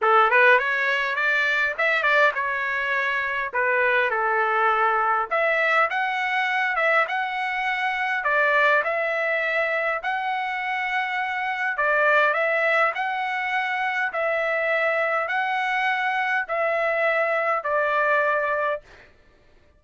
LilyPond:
\new Staff \with { instrumentName = "trumpet" } { \time 4/4 \tempo 4 = 102 a'8 b'8 cis''4 d''4 e''8 d''8 | cis''2 b'4 a'4~ | a'4 e''4 fis''4. e''8 | fis''2 d''4 e''4~ |
e''4 fis''2. | d''4 e''4 fis''2 | e''2 fis''2 | e''2 d''2 | }